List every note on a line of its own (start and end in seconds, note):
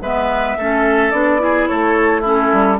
0.00 0.56 G#3
0.00 0.58 B3
0.00 0.57 B4
0.00 1.11 E5
0.57 1.12 A3
0.57 1.12 C#4
0.57 1.41 A4
1.11 1.67 B3
1.11 1.38 D4
1.11 1.66 D5
1.38 2.22 E4
1.38 1.69 G#4
1.66 2.52 A3
1.66 2.21 A4
1.66 2.22 C#5
2.21 2.78 C#4
2.21 2.76 E4
2.21 2.79 A4
2.52 2.79 G3